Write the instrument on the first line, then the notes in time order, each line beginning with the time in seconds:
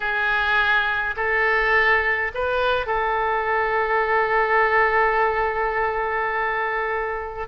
oboe
0.00 G#4
1.16 A4
2.34 B4
2.86 A4